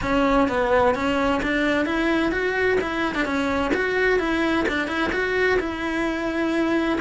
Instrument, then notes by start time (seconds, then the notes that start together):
cello
0.02 C#4
0.48 B3
0.94 C#4
1.42 D4
1.85 E4
2.31 F#4
2.80 E4
3.14 D4
3.25 C#4
3.74 F#4
4.19 E4
4.68 D4
4.87 E4
5.12 F#4
5.59 E4